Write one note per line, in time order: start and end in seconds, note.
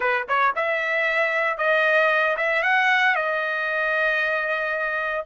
0.00 0.26 B4
0.28 0.54 C#5
0.55 1.57 E5
1.57 2.36 D#5
2.37 2.62 E5
2.62 3.15 F#5
3.15 5.25 D#5